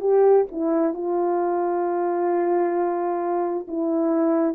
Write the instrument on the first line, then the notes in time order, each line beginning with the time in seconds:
horn
0.00 G4
0.51 E4
0.93 F4
3.67 E4